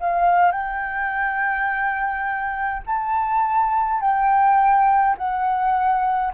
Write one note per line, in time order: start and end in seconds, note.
0.00 0.51 F5
0.51 2.82 G5
2.86 4.01 A5
4.01 5.16 G5
5.17 6.33 F#5